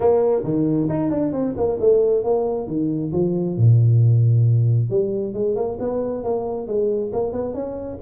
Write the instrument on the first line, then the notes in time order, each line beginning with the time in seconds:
tuba
0.00 A#3
0.44 D#3
0.89 D#4
1.10 D4
1.32 C4
1.56 A#3
1.80 A3
2.23 A#3
2.67 D#3
3.12 F3
3.57 A#2
4.89 G3
5.33 G#3
5.55 A#3
5.79 B3
6.23 A#3
6.67 G#3
7.12 A#3
7.32 B3
7.54 C#4